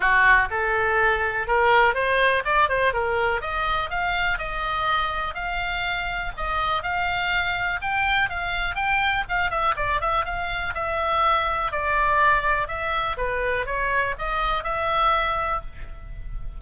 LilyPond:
\new Staff \with { instrumentName = "oboe" } { \time 4/4 \tempo 4 = 123 fis'4 a'2 ais'4 | c''4 d''8 c''8 ais'4 dis''4 | f''4 dis''2 f''4~ | f''4 dis''4 f''2 |
g''4 f''4 g''4 f''8 e''8 | d''8 e''8 f''4 e''2 | d''2 e''4 b'4 | cis''4 dis''4 e''2 | }